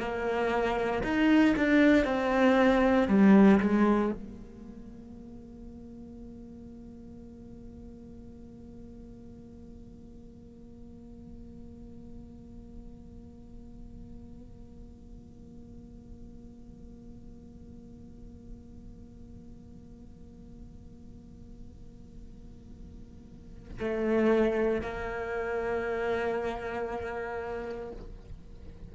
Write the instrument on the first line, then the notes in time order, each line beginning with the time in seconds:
cello
0.00 A#3
1.03 D#4
1.57 D4
2.05 C4
3.08 G3
3.60 G#3
4.13 A#3
23.79 A3
24.82 A#3